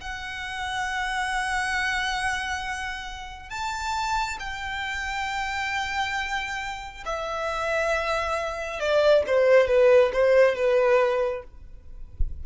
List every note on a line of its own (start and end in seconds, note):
0.00 3.49 F#5
3.49 4.38 A5
4.39 7.04 G5
7.05 8.80 E5
8.80 9.24 D5
9.27 9.67 C5
9.67 10.11 B4
10.13 10.55 C5
10.55 11.43 B4